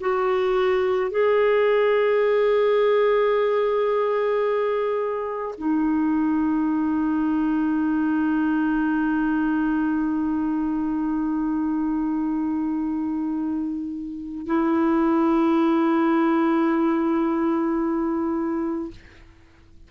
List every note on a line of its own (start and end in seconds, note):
0.00 1.11 F#4
1.11 5.55 G#4
5.58 14.46 D#4
14.46 18.90 E4